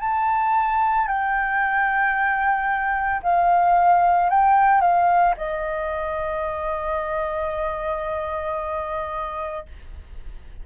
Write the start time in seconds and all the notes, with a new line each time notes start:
0.00 A5
1.07 G5
3.22 F5
4.30 G5
4.81 F5
5.37 D#5